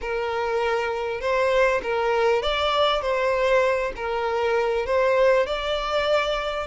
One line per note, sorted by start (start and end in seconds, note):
0.01 1.20 A#4
1.20 1.81 C5
1.82 2.42 A#4
2.42 3.01 D5
3.01 3.92 C5
3.96 4.85 A#4
4.85 5.46 C5
5.46 6.67 D5